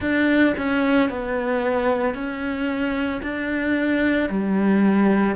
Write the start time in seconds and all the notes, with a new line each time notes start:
0.00 D4
0.57 C#4
1.10 B3
2.14 C#4
3.22 D4
4.29 G3